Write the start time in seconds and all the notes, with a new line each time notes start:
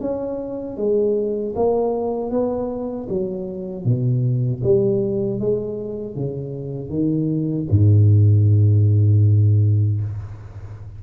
0.00 C#4
0.77 G#3
1.55 A#3
2.30 B3
3.09 F#3
3.84 B2
4.63 G3
5.40 G#3
6.15 C#3
6.89 D#3
7.70 G#2